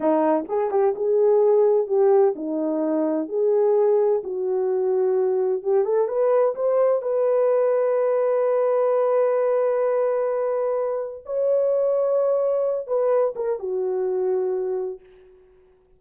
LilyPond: \new Staff \with { instrumentName = "horn" } { \time 4/4 \tempo 4 = 128 dis'4 gis'8 g'8 gis'2 | g'4 dis'2 gis'4~ | gis'4 fis'2. | g'8 a'8 b'4 c''4 b'4~ |
b'1~ | b'1 | cis''2.~ cis''8 b'8~ | b'8 ais'8 fis'2. | }